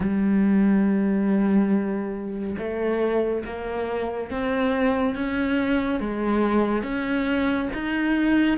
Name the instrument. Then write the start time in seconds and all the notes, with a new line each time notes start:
cello
0.00 G3
2.58 A3
3.45 A#3
4.30 C4
5.15 C#4
6.00 G#3
6.83 C#4
7.73 D#4